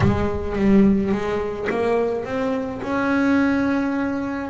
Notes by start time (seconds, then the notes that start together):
0.00 G#3
0.56 G3
1.11 G#3
1.69 A#3
2.25 C4
2.82 C#4